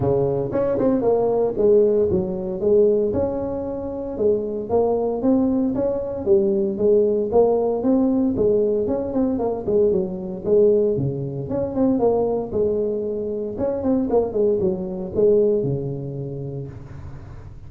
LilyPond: \new Staff \with { instrumentName = "tuba" } { \time 4/4 \tempo 4 = 115 cis4 cis'8 c'8 ais4 gis4 | fis4 gis4 cis'2 | gis4 ais4 c'4 cis'4 | g4 gis4 ais4 c'4 |
gis4 cis'8 c'8 ais8 gis8 fis4 | gis4 cis4 cis'8 c'8 ais4 | gis2 cis'8 c'8 ais8 gis8 | fis4 gis4 cis2 | }